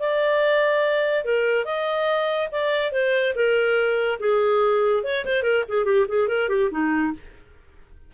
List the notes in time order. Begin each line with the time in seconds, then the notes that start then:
0.00 D5
1.25 A#4
1.65 D#5
2.52 D5
2.92 C5
3.35 A#4
4.20 G#4
5.04 C#5
5.25 C5
5.43 A#4
5.69 G#4
5.85 G4
6.09 G#4
6.28 A#4
6.49 G4
6.71 D#4